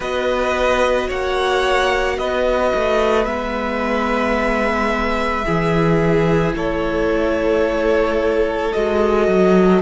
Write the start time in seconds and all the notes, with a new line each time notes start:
0.00 B3 F#4 B4 D#5
1.07 A#3 C#5 F#5
2.17 B3 B4 D#5
2.75 A3
3.25 G#3 B3 E5
5.45 E3 E4 G#4
6.53 A3 A4 C#5
8.72 G#3 F#4 D#5
9.27 F#3